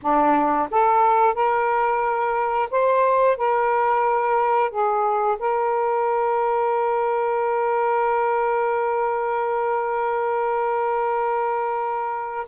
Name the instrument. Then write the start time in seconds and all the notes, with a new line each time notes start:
saxophone
0.02 D4
0.70 A4
1.34 A#4
2.71 C5
3.37 A#4
4.70 G#4
5.39 A#4